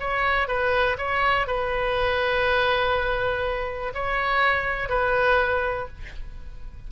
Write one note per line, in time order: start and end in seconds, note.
0.00 0.48 C#5
0.48 0.97 B4
0.98 1.47 C#5
1.47 3.93 B4
3.94 4.89 C#5
4.89 5.88 B4